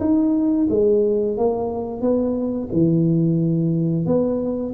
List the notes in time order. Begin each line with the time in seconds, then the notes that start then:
0.00 D#4
0.70 G#3
1.37 A#3
2.02 B3
2.72 E3
4.06 B3